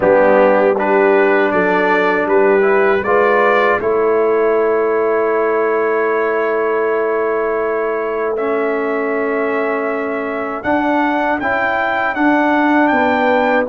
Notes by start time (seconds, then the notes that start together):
0.00 G3 B3 D4 G4
0.77 D4 G4 B4
1.51 F#3 A4 D5
2.25 G3 G4 B4
2.61 E4
3.02 G#3 F4 B4 D5
3.80 A3 E4 A4 C#5
8.36 C#4 E5
10.63 D4 F#5
11.40 C#4 E4 G5
12.14 D4 F#5
12.87 B3 B4 G5